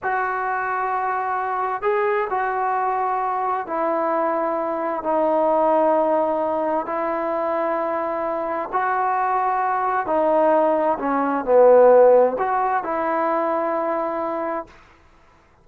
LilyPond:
\new Staff \with { instrumentName = "trombone" } { \time 4/4 \tempo 4 = 131 fis'1 | gis'4 fis'2. | e'2. dis'4~ | dis'2. e'4~ |
e'2. fis'4~ | fis'2 dis'2 | cis'4 b2 fis'4 | e'1 | }